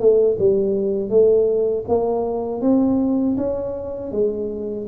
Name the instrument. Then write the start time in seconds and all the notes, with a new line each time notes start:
tuba
0.00 A3
0.40 G3
1.10 A3
1.89 A#3
2.62 C4
3.38 C#4
4.12 G#3